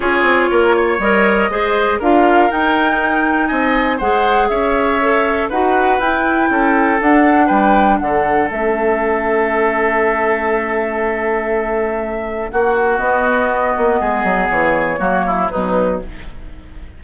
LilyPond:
<<
  \new Staff \with { instrumentName = "flute" } { \time 4/4 \tempo 4 = 120 cis''2 dis''2 | f''4 g''2 gis''4 | fis''4 e''2 fis''4 | g''2 fis''4 g''4 |
fis''4 e''2.~ | e''1~ | e''4 fis''4 dis''2~ | dis''4 cis''2 b'4 | }
  \new Staff \with { instrumentName = "oboe" } { \time 4/4 gis'4 ais'8 cis''4. c''4 | ais'2. dis''4 | c''4 cis''2 b'4~ | b'4 a'2 b'4 |
a'1~ | a'1~ | a'4 fis'2. | gis'2 fis'8 e'8 dis'4 | }
  \new Staff \with { instrumentName = "clarinet" } { \time 4/4 f'2 ais'4 gis'4 | f'4 dis'2. | gis'2 a'4 fis'4 | e'2 d'2~ |
d'4 cis'2.~ | cis'1~ | cis'2 b2~ | b2 ais4 fis4 | }
  \new Staff \with { instrumentName = "bassoon" } { \time 4/4 cis'8 c'8 ais4 g4 gis4 | d'4 dis'2 c'4 | gis4 cis'2 dis'4 | e'4 cis'4 d'4 g4 |
d4 a2.~ | a1~ | a4 ais4 b4. ais8 | gis8 fis8 e4 fis4 b,4 | }
>>